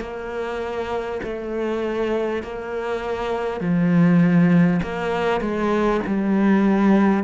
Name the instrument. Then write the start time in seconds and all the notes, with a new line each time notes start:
cello
0.00 A#3
1.23 A3
2.42 A#3
3.60 F3
4.83 A#3
5.41 G#3
6.06 G3